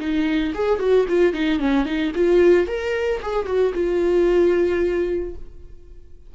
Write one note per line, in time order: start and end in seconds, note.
0.00 0.54 D#4
0.55 0.80 G#4
0.80 1.07 F#4
1.09 1.34 F4
1.34 1.59 D#4
1.59 1.86 C#4
1.86 2.13 D#4
2.16 2.68 F4
2.68 3.21 A#4
3.23 3.47 G#4
3.47 3.74 F#4
3.75 5.35 F4